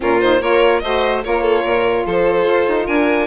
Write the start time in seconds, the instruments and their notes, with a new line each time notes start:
0.00 bassoon A#2, saxophone C#4, violin F4 A#4
0.21 saxophone D#4, violin C5
0.40 bassoon A#3, saxophone F4, violin A#4 C#5
0.79 bassoon A3, saxophone F#4, violin C5 D#5
1.23 bassoon A#3, saxophone F4, violin A#4 C#5
1.42 violin A4
1.63 bassoon A#2, violin A#4
2.05 bassoon F3, violin A4 C5
2.46 bassoon F4
2.68 bassoon D#4
2.86 bassoon D4, violin A#4 G#5